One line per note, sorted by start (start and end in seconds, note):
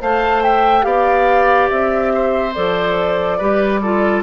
0.00 0.84 A3
0.00 0.82 C5
0.00 0.43 F5
0.00 0.43 A5
0.43 0.86 E5
0.43 0.84 G5
0.82 1.69 B3
0.82 2.51 G4
0.82 2.12 D5
0.82 1.68 F5
1.69 2.55 C4
1.69 2.53 E5
2.14 3.38 C5
2.54 3.40 F3
2.54 3.40 A4
2.54 4.23 D5
3.38 4.23 G3
3.38 3.82 G4
3.38 3.80 B4
3.81 4.23 F4
3.81 4.23 A4